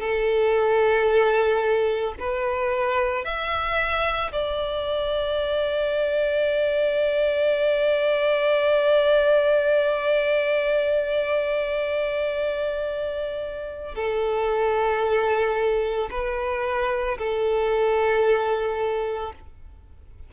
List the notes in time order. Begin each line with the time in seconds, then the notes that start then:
0.00 A4
2.19 B4
3.25 E5
4.32 D5
13.95 A4
16.11 B4
17.19 A4